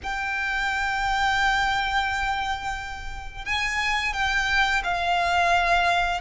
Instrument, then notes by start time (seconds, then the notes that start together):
violin
0.03 G5
3.45 G#5
4.13 G5
4.83 F5